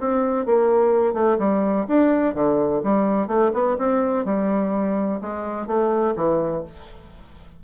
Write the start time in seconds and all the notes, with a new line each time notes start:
0.00 C4
0.46 A#3
1.13 A3
1.39 G3
1.88 D4
2.34 D3
2.83 G3
3.27 A3
3.53 B3
3.78 C4
4.25 G3
5.21 G#3
5.67 A3
6.16 E3